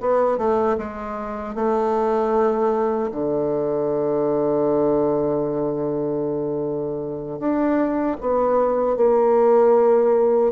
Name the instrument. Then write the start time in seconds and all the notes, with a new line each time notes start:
bassoon
0.00 B3
0.38 A3
0.78 G#3
1.55 A3
3.11 D3
7.39 D4
8.20 B3
8.96 A#3